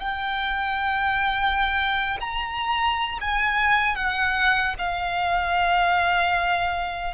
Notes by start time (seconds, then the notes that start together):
0.00 G5
2.20 A#5
3.21 G#5
3.95 F#5
4.78 F5